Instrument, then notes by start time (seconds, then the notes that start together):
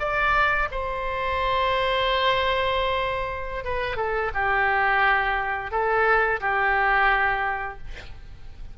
oboe
0.00 D5
0.71 C5
3.65 B4
3.97 A4
4.34 G4
5.71 A4
6.41 G4